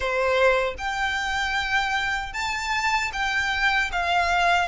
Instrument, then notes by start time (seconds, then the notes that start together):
violin
0.00 C5
0.78 G5
2.33 A5
3.12 G5
3.92 F5